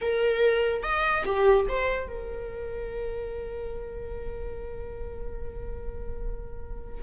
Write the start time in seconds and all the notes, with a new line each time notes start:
0.01 A#4
0.82 D#5
1.25 G4
1.68 C5
2.08 A#4